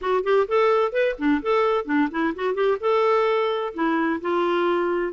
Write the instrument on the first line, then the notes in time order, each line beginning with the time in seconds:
clarinet
0.01 F#4
0.23 G4
0.48 A4
0.92 B4
1.18 D4
1.42 A4
1.85 D4
2.11 E4
2.35 F#4
2.54 G4
2.80 A4
3.74 E4
4.21 F4